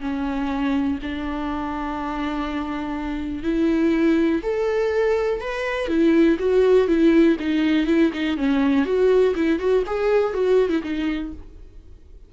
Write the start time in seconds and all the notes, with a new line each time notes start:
0.00 C#4
1.02 D4
3.43 E4
4.42 A4
5.40 B4
5.88 E4
6.39 F#4
6.87 E4
7.39 D#4
7.87 E4
8.13 D#4
8.37 C#4
8.85 F#4
9.35 E4
9.59 F#4
9.86 G#4
10.33 F#4
10.69 E4
10.83 D#4